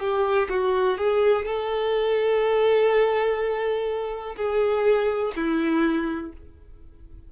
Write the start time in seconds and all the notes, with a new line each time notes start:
0.00 G4
0.50 F#4
0.98 G#4
1.46 A4
4.36 G#4
5.36 E4